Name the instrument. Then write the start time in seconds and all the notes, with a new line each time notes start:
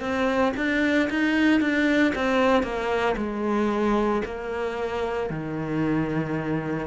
cello
0.00 C4
0.56 D4
1.10 D#4
1.60 D4
2.15 C4
2.63 A#3
3.17 G#3
4.25 A#3
5.30 D#3